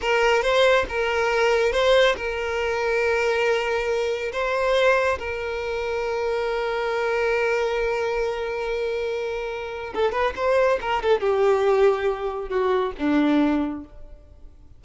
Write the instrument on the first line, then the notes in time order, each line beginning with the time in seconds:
violin
0.01 A#4
0.42 C5
0.88 A#4
1.72 C5
2.16 A#4
4.32 C5
5.18 A#4
9.94 A4
10.11 B4
10.36 C5
10.81 A#4
11.02 A4
11.20 G4
12.49 F#4
12.98 D4